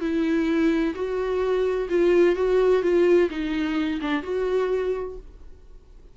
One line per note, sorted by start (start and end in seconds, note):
0.00 0.94 E4
0.94 1.88 F#4
1.89 2.35 F4
2.35 2.82 F#4
2.82 3.29 F4
3.30 4.00 D#4
4.01 4.23 D4
4.23 5.16 F#4